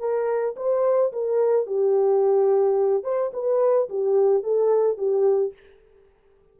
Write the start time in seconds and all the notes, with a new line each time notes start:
0.00 A#4
0.57 C5
1.13 A#4
1.67 G4
3.04 C5
3.34 B4
3.89 G4
4.44 A4
4.98 G4